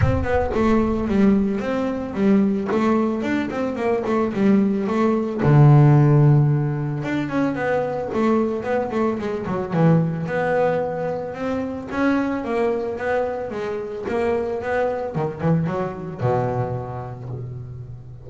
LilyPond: \new Staff \with { instrumentName = "double bass" } { \time 4/4 \tempo 4 = 111 c'8 b8 a4 g4 c'4 | g4 a4 d'8 c'8 ais8 a8 | g4 a4 d2~ | d4 d'8 cis'8 b4 a4 |
b8 a8 gis8 fis8 e4 b4~ | b4 c'4 cis'4 ais4 | b4 gis4 ais4 b4 | dis8 e8 fis4 b,2 | }